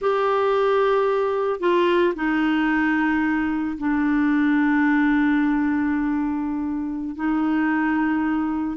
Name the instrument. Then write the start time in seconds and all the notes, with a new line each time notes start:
clarinet
0.01 G4
1.60 F4
2.15 D#4
3.78 D4
7.15 D#4